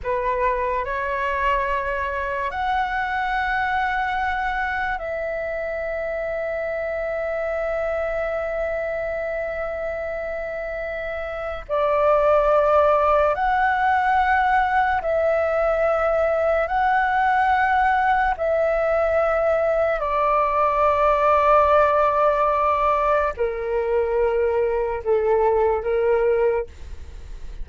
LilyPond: \new Staff \with { instrumentName = "flute" } { \time 4/4 \tempo 4 = 72 b'4 cis''2 fis''4~ | fis''2 e''2~ | e''1~ | e''2 d''2 |
fis''2 e''2 | fis''2 e''2 | d''1 | ais'2 a'4 ais'4 | }